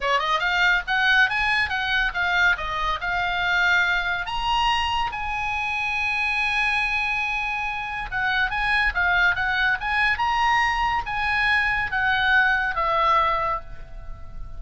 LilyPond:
\new Staff \with { instrumentName = "oboe" } { \time 4/4 \tempo 4 = 141 cis''8 dis''8 f''4 fis''4 gis''4 | fis''4 f''4 dis''4 f''4~ | f''2 ais''2 | gis''1~ |
gis''2. fis''4 | gis''4 f''4 fis''4 gis''4 | ais''2 gis''2 | fis''2 e''2 | }